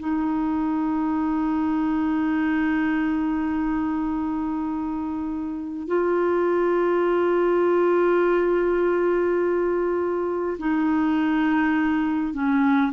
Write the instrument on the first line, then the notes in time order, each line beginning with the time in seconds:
clarinet
0.00 D#4
5.88 F4
10.59 D#4
12.34 C#4